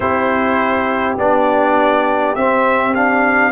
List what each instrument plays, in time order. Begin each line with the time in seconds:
0.00 tuba C4, trombone E4, horn G4, trumpet C5
1.17 tuba B3, trombone D4, trumpet D5
2.35 tuba C4, trombone C4, trumpet E5
2.94 trombone D4, trumpet F5